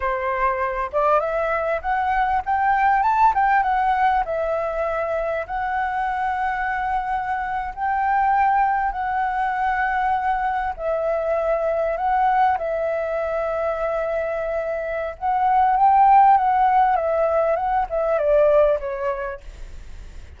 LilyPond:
\new Staff \with { instrumentName = "flute" } { \time 4/4 \tempo 4 = 99 c''4. d''8 e''4 fis''4 | g''4 a''8 g''8 fis''4 e''4~ | e''4 fis''2.~ | fis''8. g''2 fis''4~ fis''16~ |
fis''4.~ fis''16 e''2 fis''16~ | fis''8. e''2.~ e''16~ | e''4 fis''4 g''4 fis''4 | e''4 fis''8 e''8 d''4 cis''4 | }